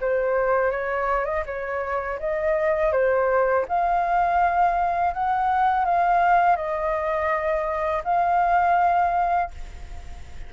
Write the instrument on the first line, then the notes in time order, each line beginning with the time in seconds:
flute
0.00 C5
0.71 C#5
1.25 D#5
1.46 C#5
2.19 D#5
2.92 C5
3.68 F5
5.14 F#5
5.85 F5
6.56 D#5
8.04 F5